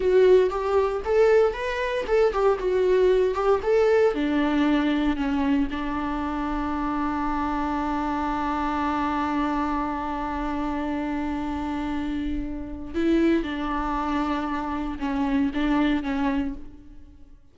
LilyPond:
\new Staff \with { instrumentName = "viola" } { \time 4/4 \tempo 4 = 116 fis'4 g'4 a'4 b'4 | a'8 g'8 fis'4. g'8 a'4 | d'2 cis'4 d'4~ | d'1~ |
d'1~ | d'1~ | d'4 e'4 d'2~ | d'4 cis'4 d'4 cis'4 | }